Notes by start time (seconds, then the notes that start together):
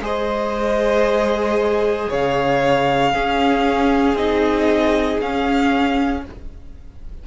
0.00 G#3 G#4 C5 D#5
2.09 C#3 C#5 F5
3.12 C#4 G#4
4.14 C4 D#4 D#5
5.21 C#4 F5